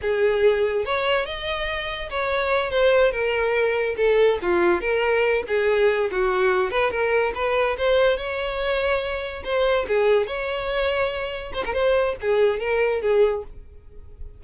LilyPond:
\new Staff \with { instrumentName = "violin" } { \time 4/4 \tempo 4 = 143 gis'2 cis''4 dis''4~ | dis''4 cis''4. c''4 ais'8~ | ais'4. a'4 f'4 ais'8~ | ais'4 gis'4. fis'4. |
b'8 ais'4 b'4 c''4 cis''8~ | cis''2~ cis''8 c''4 gis'8~ | gis'8 cis''2. c''16 ais'16 | c''4 gis'4 ais'4 gis'4 | }